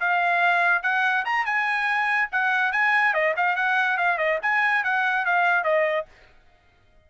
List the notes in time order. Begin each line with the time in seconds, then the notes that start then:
0.00 F5
0.83 F#5
1.25 A#5
1.46 G#5
2.32 F#5
2.73 G#5
3.14 D#5
3.37 F5
3.56 F#5
3.98 F5
4.18 D#5
4.42 G#5
4.84 F#5
5.25 F5
5.64 D#5